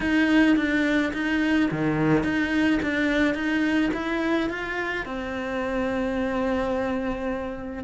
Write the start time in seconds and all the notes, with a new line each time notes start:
0.00 D#4
0.56 D4
1.13 D#4
1.71 D#3
2.23 D#4
2.82 D4
3.34 D#4
3.93 E4
4.49 F4
5.05 C4